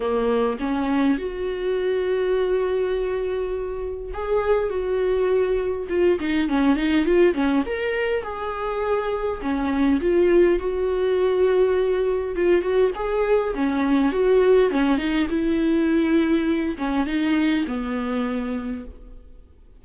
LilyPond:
\new Staff \with { instrumentName = "viola" } { \time 4/4 \tempo 4 = 102 ais4 cis'4 fis'2~ | fis'2. gis'4 | fis'2 f'8 dis'8 cis'8 dis'8 | f'8 cis'8 ais'4 gis'2 |
cis'4 f'4 fis'2~ | fis'4 f'8 fis'8 gis'4 cis'4 | fis'4 cis'8 dis'8 e'2~ | e'8 cis'8 dis'4 b2 | }